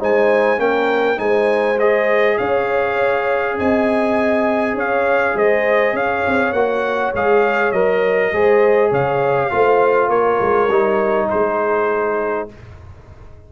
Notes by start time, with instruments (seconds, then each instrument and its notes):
0.00 tuba G#3, trombone D#4, horn C5, trumpet G#5
0.58 tuba A#3, trombone C#4, horn A#4, trumpet G5
1.17 tuba G#3, trombone D#4, horn C5, trumpet G#5
1.79 trombone G#4, trumpet D#5
2.38 tuba C#4, horn C#5, trumpet F5
3.59 tuba C4, horn D#5, trumpet G#5
4.74 tuba C#4, horn C#5, trumpet F5
5.35 tuba G#3, horn C5, trumpet D#5
5.93 tuba C#4, horn C#5, trumpet F5
6.27 tuba C4
6.53 tuba A#3, trombone F#4, trumpet F#5
7.14 tuba G#3, trombone G#4, trumpet F5
7.72 tuba F#3, trombone A#4, trumpet D#5
8.33 tuba G#3, trombone G#4, horn C5
8.91 tuba C#3, horn C#5, trumpet F5
9.50 tuba A3, trombone F4, horn C5
10.09 tuba A#3, horn A#4, trumpet C#5
10.41 tuba G#3
10.69 tuba G3, trombone D#4
11.30 tuba G#3, horn G#4, trumpet C5